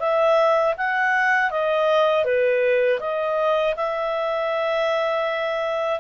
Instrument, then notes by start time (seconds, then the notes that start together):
clarinet
0.00 E5
0.78 F#5
1.51 D#5
2.25 B4
3.00 D#5
3.77 E5